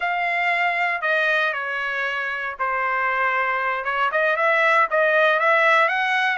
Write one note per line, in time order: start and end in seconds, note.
0.00 1.01 F5
1.01 1.53 D#5
1.53 2.55 C#5
2.59 3.84 C5
3.84 4.10 C#5
4.11 4.36 D#5
4.36 4.87 E5
4.90 5.39 D#5
5.39 5.88 E5
5.88 6.37 F#5